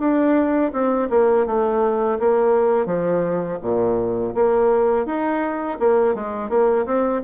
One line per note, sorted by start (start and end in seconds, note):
0.00 0.72 D4
0.73 1.09 C4
1.10 1.47 A#3
1.47 2.19 A3
2.20 2.86 A#3
2.86 3.58 F3
3.62 4.34 A#2
4.35 5.06 A#3
5.06 5.78 D#4
5.80 6.15 A#3
6.15 6.50 G#3
6.50 6.86 A#3
6.86 7.22 C4